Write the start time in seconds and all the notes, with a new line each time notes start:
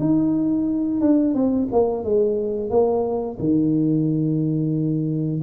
0.00 D#4
1.01 D4
1.35 C4
1.73 A#3
2.05 G#3
2.71 A#3
3.40 D#3